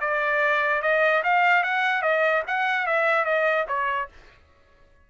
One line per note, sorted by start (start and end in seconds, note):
0.00 0.82 D5
0.82 1.22 D#5
1.23 1.63 F5
1.63 2.01 F#5
2.01 2.42 D#5
2.47 2.86 F#5
2.86 3.24 E5
3.24 3.65 D#5
3.68 4.08 C#5